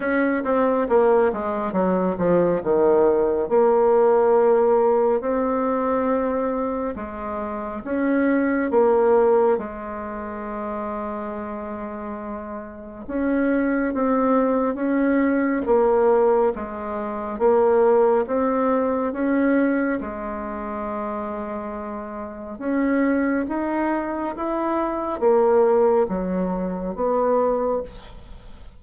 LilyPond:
\new Staff \with { instrumentName = "bassoon" } { \time 4/4 \tempo 4 = 69 cis'8 c'8 ais8 gis8 fis8 f8 dis4 | ais2 c'2 | gis4 cis'4 ais4 gis4~ | gis2. cis'4 |
c'4 cis'4 ais4 gis4 | ais4 c'4 cis'4 gis4~ | gis2 cis'4 dis'4 | e'4 ais4 fis4 b4 | }